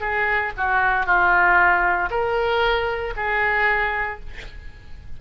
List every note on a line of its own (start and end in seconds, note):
0.00 0.52 G#4
0.57 1.05 F#4
1.05 2.09 F4
2.10 3.14 A#4
3.16 4.19 G#4